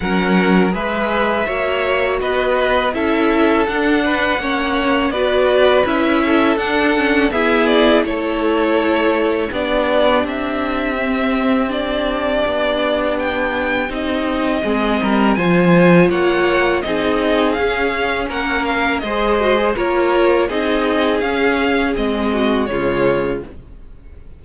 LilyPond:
<<
  \new Staff \with { instrumentName = "violin" } { \time 4/4 \tempo 4 = 82 fis''4 e''2 dis''4 | e''4 fis''2 d''4 | e''4 fis''4 e''8 d''8 cis''4~ | cis''4 d''4 e''2 |
d''2 g''4 dis''4~ | dis''4 gis''4 fis''4 dis''4 | f''4 fis''8 f''8 dis''4 cis''4 | dis''4 f''4 dis''4 cis''4 | }
  \new Staff \with { instrumentName = "violin" } { \time 4/4 ais'4 b'4 cis''4 b'4 | a'4. b'8 cis''4 b'4~ | b'8 a'4. gis'4 a'4~ | a'4 g'2.~ |
g'1 | gis'8 ais'8 c''4 cis''4 gis'4~ | gis'4 ais'4 c''4 ais'4 | gis'2~ gis'8 fis'8 f'4 | }
  \new Staff \with { instrumentName = "viola" } { \time 4/4 cis'4 gis'4 fis'2 | e'4 d'4 cis'4 fis'4 | e'4 d'8 cis'8 b4 e'4~ | e'4 d'2 c'4 |
d'2. dis'4 | c'4 f'2 dis'4 | cis'2 gis'8 fis'16 gis'16 f'4 | dis'4 cis'4 c'4 gis4 | }
  \new Staff \with { instrumentName = "cello" } { \time 4/4 fis4 gis4 ais4 b4 | cis'4 d'4 ais4 b4 | cis'4 d'4 e'4 a4~ | a4 b4 c'2~ |
c'4 b2 c'4 | gis8 g8 f4 ais4 c'4 | cis'4 ais4 gis4 ais4 | c'4 cis'4 gis4 cis4 | }
>>